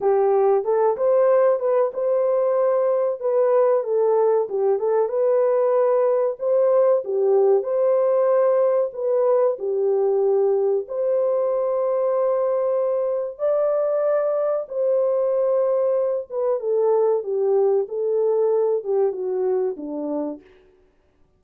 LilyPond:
\new Staff \with { instrumentName = "horn" } { \time 4/4 \tempo 4 = 94 g'4 a'8 c''4 b'8 c''4~ | c''4 b'4 a'4 g'8 a'8 | b'2 c''4 g'4 | c''2 b'4 g'4~ |
g'4 c''2.~ | c''4 d''2 c''4~ | c''4. b'8 a'4 g'4 | a'4. g'8 fis'4 d'4 | }